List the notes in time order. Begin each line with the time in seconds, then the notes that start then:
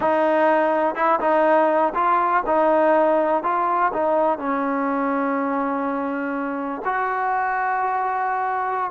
0.00 D#4
0.95 E4
1.20 D#4
1.94 F4
2.46 D#4
3.43 F4
3.93 D#4
4.38 C#4
6.84 F#4